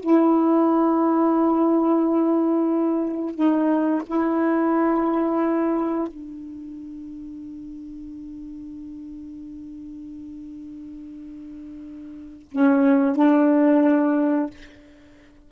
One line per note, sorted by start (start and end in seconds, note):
0.00 3.35 E4
3.35 4.02 D#4
4.06 6.07 E4
6.07 12.48 D4
12.51 13.15 C#4
13.15 14.50 D4